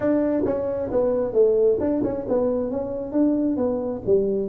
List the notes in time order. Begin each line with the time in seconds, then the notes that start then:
0.00 D4
0.45 C#4
0.91 B3
1.33 A3
1.80 D4
2.03 C#4
2.28 B3
2.70 C#4
3.12 D4
3.56 B3
4.06 G3